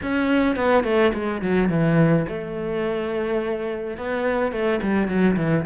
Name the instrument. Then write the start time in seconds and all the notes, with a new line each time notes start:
cello
0.02 C#4
0.55 B3
0.84 A3
1.13 G#3
1.41 F#3
1.69 E3
2.28 A3
3.97 B3
4.52 A3
4.82 G3
5.07 F#3
5.36 E3